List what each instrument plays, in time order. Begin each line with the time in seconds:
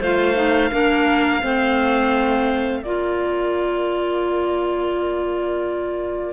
0.00 cello A3, clarinet F4 C5, violin F5
0.35 clarinet D#4
0.71 cello A#3, clarinet D4 A#4
1.42 cello A3, clarinet C4 C5
2.80 cello A#3, clarinet F4 A#4, violin D5